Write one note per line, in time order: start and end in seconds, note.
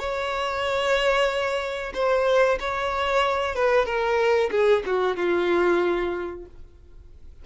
0.00 1.94 C#5
1.94 2.59 C5
2.60 3.56 C#5
3.56 3.86 B4
3.86 4.51 A#4
4.52 4.84 G#4
4.87 5.17 F#4
5.17 6.46 F4